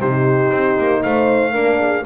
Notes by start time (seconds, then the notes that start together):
0.00 C3 D#4 G4 C5
0.52 C4
0.79 A#3
1.03 A3 C5 F5
1.52 A#3 D4 A#4
1.78 G#4